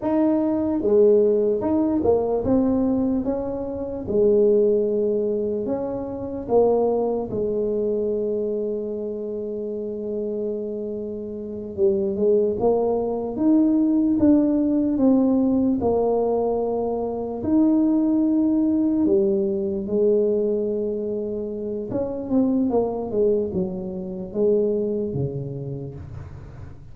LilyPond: \new Staff \with { instrumentName = "tuba" } { \time 4/4 \tempo 4 = 74 dis'4 gis4 dis'8 ais8 c'4 | cis'4 gis2 cis'4 | ais4 gis2.~ | gis2~ gis8 g8 gis8 ais8~ |
ais8 dis'4 d'4 c'4 ais8~ | ais4. dis'2 g8~ | g8 gis2~ gis8 cis'8 c'8 | ais8 gis8 fis4 gis4 cis4 | }